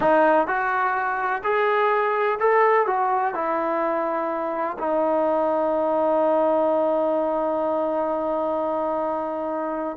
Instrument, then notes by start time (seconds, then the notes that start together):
trombone
0.00 D#4
0.47 F#4
1.43 G#4
2.39 A4
2.86 F#4
3.34 E4
4.78 D#4